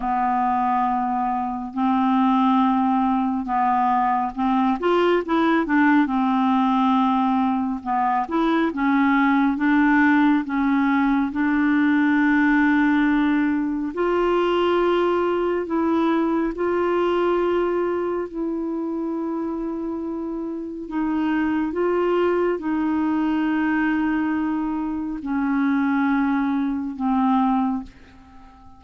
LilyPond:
\new Staff \with { instrumentName = "clarinet" } { \time 4/4 \tempo 4 = 69 b2 c'2 | b4 c'8 f'8 e'8 d'8 c'4~ | c'4 b8 e'8 cis'4 d'4 | cis'4 d'2. |
f'2 e'4 f'4~ | f'4 e'2. | dis'4 f'4 dis'2~ | dis'4 cis'2 c'4 | }